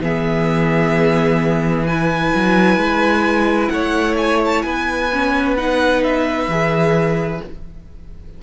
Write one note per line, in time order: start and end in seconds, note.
0.00 2.31 E3
0.00 1.87 B3
0.00 1.87 G#4
0.00 1.86 E5
1.86 5.11 E4
1.86 3.72 B4
1.86 3.69 G#5
2.35 2.76 F#3
2.76 3.69 G#3
3.69 4.63 A3
3.69 4.65 C#5
3.69 4.15 F#5
4.17 4.40 G#5
4.45 4.62 A5
4.62 6.48 B3
4.62 7.42 B4
4.62 5.54 G#5
5.12 5.57 C#4
5.57 6.50 D#4
5.57 6.03 F#5
6.03 7.42 E5
6.48 7.40 E3
6.48 7.42 G#4